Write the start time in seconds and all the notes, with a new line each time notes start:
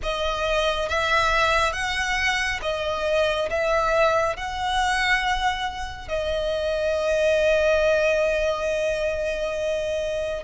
0.02 D#5
0.89 E5
1.72 F#5
2.62 D#5
3.49 E5
4.36 F#5
6.08 D#5